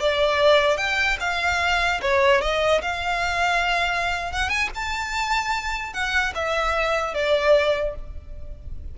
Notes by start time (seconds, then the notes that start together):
0.00 D5
0.77 G5
1.20 F5
2.02 C#5
2.41 D#5
2.82 F5
4.33 F#5
4.49 G#5
4.75 A5
5.93 F#5
6.35 E5
7.14 D5